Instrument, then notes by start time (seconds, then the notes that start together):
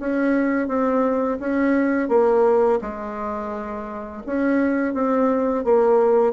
bassoon
0.00 C#4
0.68 C4
1.40 C#4
2.09 A#3
2.81 G#3
4.26 C#4
4.94 C4
5.64 A#3